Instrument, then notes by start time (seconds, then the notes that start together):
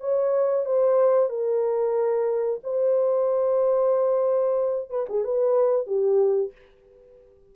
horn
0.00 C#5
0.65 C5
1.29 A#4
2.63 C5
4.89 B4
5.08 G#4
5.24 B4
5.86 G4